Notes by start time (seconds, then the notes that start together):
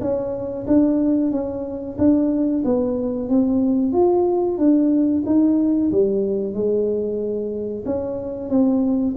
0.00 C#4
0.67 D4
1.31 C#4
1.98 D4
2.64 B3
3.28 C4
3.92 F4
4.57 D4
5.25 D#4
5.91 G3
6.54 G#3
7.85 C#4
8.49 C4